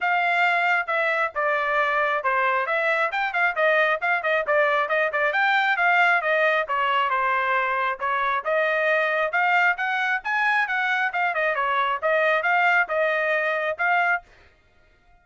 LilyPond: \new Staff \with { instrumentName = "trumpet" } { \time 4/4 \tempo 4 = 135 f''2 e''4 d''4~ | d''4 c''4 e''4 g''8 f''8 | dis''4 f''8 dis''8 d''4 dis''8 d''8 | g''4 f''4 dis''4 cis''4 |
c''2 cis''4 dis''4~ | dis''4 f''4 fis''4 gis''4 | fis''4 f''8 dis''8 cis''4 dis''4 | f''4 dis''2 f''4 | }